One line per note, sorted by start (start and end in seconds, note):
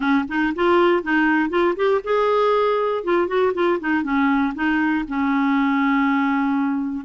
0.00 0.25 C#4
0.28 0.53 D#4
0.55 1.03 F4
1.03 1.49 D#4
1.49 1.74 F4
1.76 2.01 G4
2.04 3.04 G#4
3.04 3.27 F4
3.27 3.52 F#4
3.54 3.79 F4
3.80 4.03 D#4
4.03 4.53 C#4
4.54 5.05 D#4
5.08 7.05 C#4